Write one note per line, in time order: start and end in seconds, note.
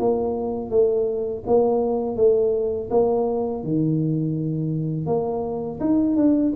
0.00 0.71 A#3
0.71 1.44 A3
1.47 2.17 A#3
2.17 2.90 A3
2.90 3.64 A#3
3.64 5.07 D#3
5.07 5.80 A#3
5.81 6.17 D#4
6.17 6.53 D4